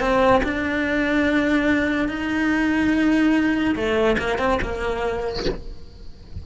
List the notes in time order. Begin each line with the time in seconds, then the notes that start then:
0.00 C4
0.43 D4
2.08 D#4
3.75 A3
4.18 A#3
4.38 C4
4.62 A#3